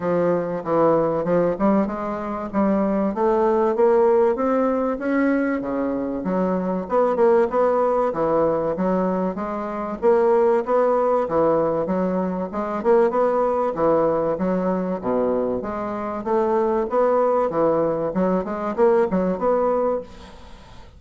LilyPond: \new Staff \with { instrumentName = "bassoon" } { \time 4/4 \tempo 4 = 96 f4 e4 f8 g8 gis4 | g4 a4 ais4 c'4 | cis'4 cis4 fis4 b8 ais8 | b4 e4 fis4 gis4 |
ais4 b4 e4 fis4 | gis8 ais8 b4 e4 fis4 | b,4 gis4 a4 b4 | e4 fis8 gis8 ais8 fis8 b4 | }